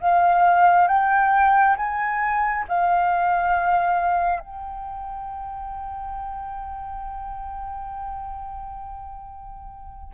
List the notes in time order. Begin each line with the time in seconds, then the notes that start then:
0.00 F5
0.87 G5
1.76 G#5
2.68 F5
4.39 G5